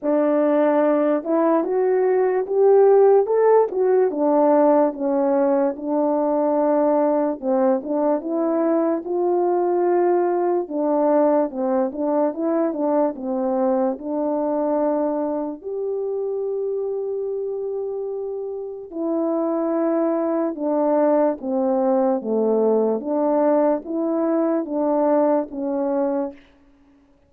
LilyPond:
\new Staff \with { instrumentName = "horn" } { \time 4/4 \tempo 4 = 73 d'4. e'8 fis'4 g'4 | a'8 fis'8 d'4 cis'4 d'4~ | d'4 c'8 d'8 e'4 f'4~ | f'4 d'4 c'8 d'8 e'8 d'8 |
c'4 d'2 g'4~ | g'2. e'4~ | e'4 d'4 c'4 a4 | d'4 e'4 d'4 cis'4 | }